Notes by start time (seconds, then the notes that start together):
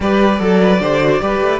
0.00 G3 G4 B4 D5
0.38 F#3 A4
0.61 B4
0.80 D3 G4 C5
1.00 F#4
1.20 G3 G4 B4
1.41 A3